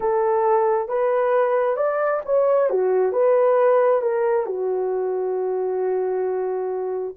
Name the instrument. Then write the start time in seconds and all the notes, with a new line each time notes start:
horn
0.00 A4
0.88 B4
1.76 D5
2.25 C#5
2.69 F#4
3.12 B4
4.01 A#4
4.45 F#4